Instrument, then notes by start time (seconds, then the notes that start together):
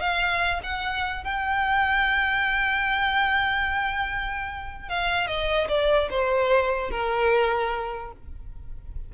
violin
0.00 F5
0.63 F#5
1.24 G5
4.89 F5
5.27 D#5
5.68 D5
6.10 C5
6.90 A#4